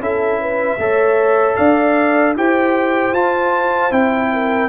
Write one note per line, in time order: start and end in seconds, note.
0.00 0.78 C#4
0.00 0.79 E4
0.00 0.41 A4
0.00 1.56 E5
0.41 0.80 B4
0.78 1.56 A3
0.78 2.36 A4
0.78 1.57 C#5
1.56 2.36 D4
1.56 2.35 D5
1.56 2.34 F5
2.36 3.13 E4
2.36 3.14 G4
2.36 4.32 C5
2.36 3.15 G5
3.13 3.91 F4
3.13 3.93 A5
3.91 4.69 C4
3.91 4.69 E4
3.91 4.69 G5
4.33 4.69 A#4